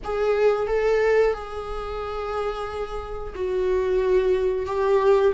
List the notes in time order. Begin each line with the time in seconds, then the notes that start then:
0.04 G#4
0.67 A4
1.33 G#4
3.35 F#4
4.65 G4